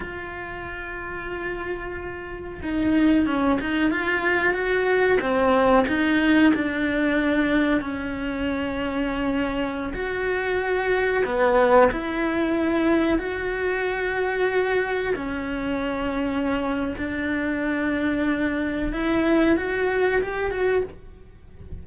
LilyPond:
\new Staff \with { instrumentName = "cello" } { \time 4/4 \tempo 4 = 92 f'1 | dis'4 cis'8 dis'8 f'4 fis'4 | c'4 dis'4 d'2 | cis'2.~ cis'16 fis'8.~ |
fis'4~ fis'16 b4 e'4.~ e'16~ | e'16 fis'2. cis'8.~ | cis'2 d'2~ | d'4 e'4 fis'4 g'8 fis'8 | }